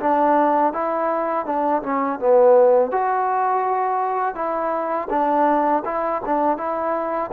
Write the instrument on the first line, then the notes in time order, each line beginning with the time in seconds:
trombone
0.00 D4
0.73 E4
1.46 D4
1.83 C#4
2.20 B3
2.92 F#4
4.35 E4
5.10 D4
5.85 E4
6.26 D4
6.58 E4